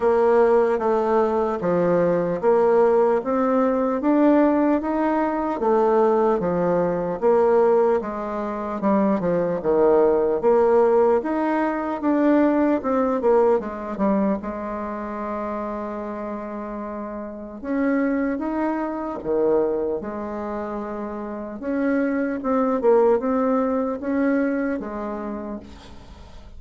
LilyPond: \new Staff \with { instrumentName = "bassoon" } { \time 4/4 \tempo 4 = 75 ais4 a4 f4 ais4 | c'4 d'4 dis'4 a4 | f4 ais4 gis4 g8 f8 | dis4 ais4 dis'4 d'4 |
c'8 ais8 gis8 g8 gis2~ | gis2 cis'4 dis'4 | dis4 gis2 cis'4 | c'8 ais8 c'4 cis'4 gis4 | }